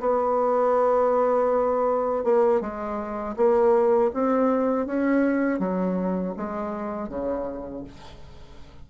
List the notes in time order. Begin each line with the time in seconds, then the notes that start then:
0.00 B3
2.24 A#3
2.61 G#3
3.36 A#3
4.14 C4
4.86 C#4
5.59 F#3
6.37 G#3
7.09 C#3